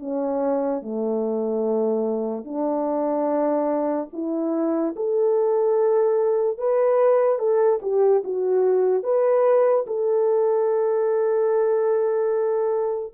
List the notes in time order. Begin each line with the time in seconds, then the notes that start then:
0.00 C#4
0.82 A3
2.45 D4
4.13 E4
4.96 A4
6.58 B4
7.39 A4
7.82 G4
8.24 F#4
9.03 B4
9.87 A4